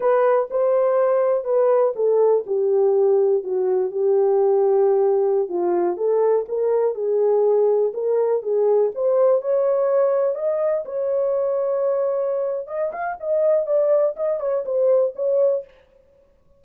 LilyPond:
\new Staff \with { instrumentName = "horn" } { \time 4/4 \tempo 4 = 123 b'4 c''2 b'4 | a'4 g'2 fis'4 | g'2.~ g'16 f'8.~ | f'16 a'4 ais'4 gis'4.~ gis'16~ |
gis'16 ais'4 gis'4 c''4 cis''8.~ | cis''4~ cis''16 dis''4 cis''4.~ cis''16~ | cis''2 dis''8 f''8 dis''4 | d''4 dis''8 cis''8 c''4 cis''4 | }